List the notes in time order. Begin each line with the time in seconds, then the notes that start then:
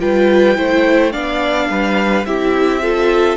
0.00 G3 F4 B4 G5
0.55 A3 E4 C5
1.12 B3 D4 D5 F5
1.70 G3 B4
2.25 C4 E4 G4 E5
2.82 F4 A4